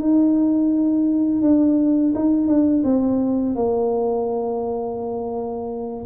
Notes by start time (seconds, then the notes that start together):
0.00 D#4
1.42 D4
2.15 D#4
2.48 D4
2.84 C4
3.56 A#3